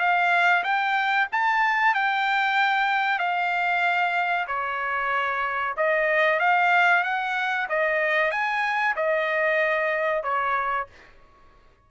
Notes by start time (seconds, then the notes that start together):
0.00 F5
0.64 G5
1.32 A5
1.95 G5
3.19 F5
4.48 C#5
5.77 D#5
6.40 F5
7.04 F#5
7.70 D#5
8.32 G#5
8.97 D#5
10.24 C#5